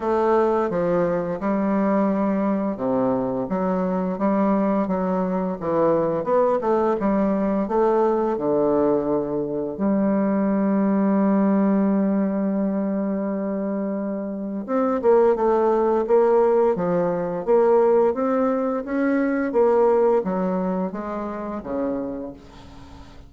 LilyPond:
\new Staff \with { instrumentName = "bassoon" } { \time 4/4 \tempo 4 = 86 a4 f4 g2 | c4 fis4 g4 fis4 | e4 b8 a8 g4 a4 | d2 g2~ |
g1~ | g4 c'8 ais8 a4 ais4 | f4 ais4 c'4 cis'4 | ais4 fis4 gis4 cis4 | }